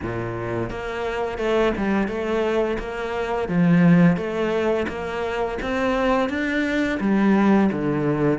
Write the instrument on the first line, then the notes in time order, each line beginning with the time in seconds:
cello
0.02 A#2
0.70 A#3
1.38 A3
1.77 G3
2.07 A3
2.78 A#3
3.48 F3
4.16 A3
4.88 A#3
5.62 C4
6.29 D4
7.00 G3
7.72 D3